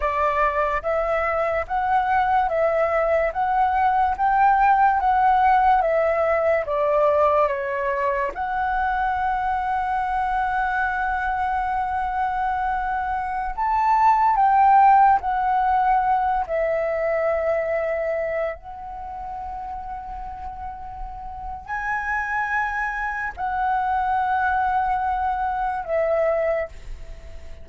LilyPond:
\new Staff \with { instrumentName = "flute" } { \time 4/4 \tempo 4 = 72 d''4 e''4 fis''4 e''4 | fis''4 g''4 fis''4 e''4 | d''4 cis''4 fis''2~ | fis''1~ |
fis''16 a''4 g''4 fis''4. e''16~ | e''2~ e''16 fis''4.~ fis''16~ | fis''2 gis''2 | fis''2. e''4 | }